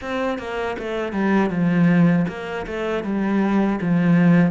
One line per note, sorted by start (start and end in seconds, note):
0.01 0.38 C4
0.38 0.76 A#3
0.78 1.12 A3
1.12 1.50 G3
1.50 2.26 F3
2.28 2.65 A#3
2.66 3.03 A3
3.03 3.79 G3
3.81 4.51 F3